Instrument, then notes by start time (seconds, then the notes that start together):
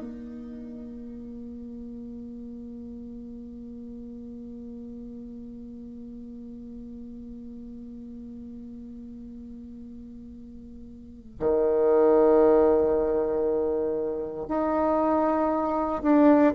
bassoon
0.00 A#3
11.39 D#3
14.48 D#4
16.03 D4